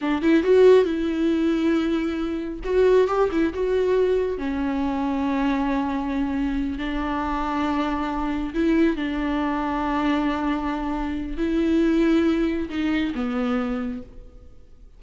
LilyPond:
\new Staff \with { instrumentName = "viola" } { \time 4/4 \tempo 4 = 137 d'8 e'8 fis'4 e'2~ | e'2 fis'4 g'8 e'8 | fis'2 cis'2~ | cis'2.~ cis'8 d'8~ |
d'2.~ d'8 e'8~ | e'8 d'2.~ d'8~ | d'2 e'2~ | e'4 dis'4 b2 | }